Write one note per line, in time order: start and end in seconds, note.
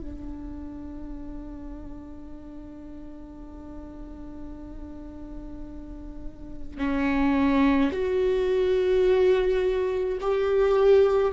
0.00 6.78 D4
6.78 7.91 C#4
7.91 10.18 F#4
10.20 11.32 G4